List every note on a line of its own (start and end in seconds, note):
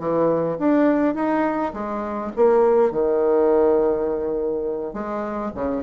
0.00 0.58 E3
0.59 1.15 D4
1.15 1.73 D#4
1.74 2.32 G#3
2.36 2.92 A#3
2.92 4.94 D#3
4.94 5.52 G#3
5.55 5.84 C#3